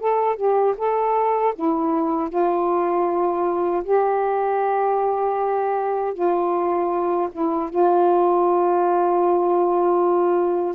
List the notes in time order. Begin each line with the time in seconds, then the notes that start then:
0.00 A4
0.36 G4
0.78 A4
1.56 E4
2.30 F4
3.84 G4
6.14 F4
7.33 E4
7.70 F4